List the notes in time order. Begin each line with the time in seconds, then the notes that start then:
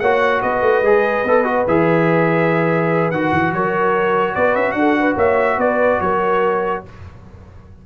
0.00 A#3 F#4 C#5 F#5
0.42 B3 B4 D#5
0.62 A3
0.82 G#3 G#4
1.24 B3 A4
1.44 F#4
1.68 E3 G#4 E5
3.11 D#3 F#4 F#5
3.33 E3
3.53 F#3 A#4 C#5
4.35 B3 B4 D5
4.55 C#4 E5
4.72 D4 F#5
4.79 A4
4.99 B4
5.16 A#3 C#5 E5
5.58 B3 B4 D5
6.01 F#3 A#4 C#5